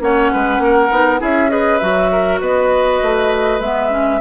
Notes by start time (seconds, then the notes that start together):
0.00 A#3 C#4 C#5 F#5
0.32 G#3 B4
0.59 A#3 A#4
0.91 B3 D#4
1.18 C#4 E4 G#4 E5
1.49 G#4 B4 D#5
1.78 F#3 F#4 E5
2.12 A#4
2.40 B3 B4 D#5
3.02 A3
3.60 G#3 B3 E5
3.90 C#4